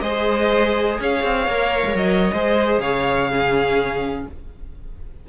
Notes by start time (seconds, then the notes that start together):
0.00 G#3 G#4 C5 D#5
0.99 C#4 C#5 F5
1.23 C4
1.47 A#3 A#4
1.85 G#3
1.94 F#3 D#5
2.33 G#3 G#4 C5
2.78 C#3 C#5 F5
3.30 C#4 G#4